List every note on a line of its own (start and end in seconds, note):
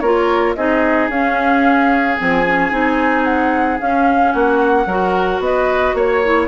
0.00 0.56 A#3
0.00 0.57 F4
0.00 0.56 A#4
0.00 0.54 C#5
0.55 1.09 C4
0.55 1.11 D#4
0.55 4.33 G#4
0.55 1.09 D#5
1.09 2.17 C#4
1.09 2.18 C#4
1.09 2.17 F5
2.17 2.71 F3
2.17 2.45 C4
2.17 3.24 G#5
2.46 2.71 C#4
2.71 3.80 C4
2.71 3.79 D#4
3.24 3.78 F#5
3.79 4.87 C#4
3.79 4.34 C#4
3.79 4.32 F5
4.32 4.86 A#3
4.32 4.87 F#4
4.32 5.40 F#5
4.86 5.40 F#3
4.86 6.25 F#4
4.86 5.42 A#4
5.40 5.94 B3
5.40 5.97 D#5
5.46 5.96 B4
5.94 6.48 A#3
5.94 6.48 C#5
6.25 6.48 E4